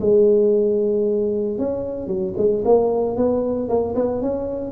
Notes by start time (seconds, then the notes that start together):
0.00 G#3
1.58 C#4
2.07 F#3
2.37 G#3
2.65 A#3
3.16 B3
3.68 A#3
3.95 B3
4.21 C#4